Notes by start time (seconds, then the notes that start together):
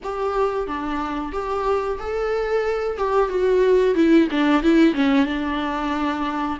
0.03 G4
0.67 D4
1.32 G4
1.99 A4
2.97 G4
3.29 F#4
3.94 E4
4.30 D4
4.62 E4
4.94 C#4
5.26 D4